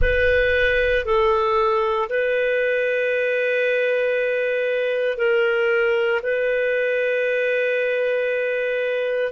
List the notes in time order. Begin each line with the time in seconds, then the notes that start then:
0.01 B4
1.05 A4
2.09 B4
5.17 A#4
6.22 B4